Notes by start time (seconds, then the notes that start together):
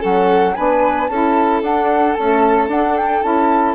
0.00 F#3 C#4 A4 F#5
0.54 B3 D4 B4 G#5
1.07 C#4 E4 A4 A5
1.62 D4 F#5
2.14 A3 C#4 A5
2.68 D4 F#5
2.97 G5
3.23 C#4 E4 A5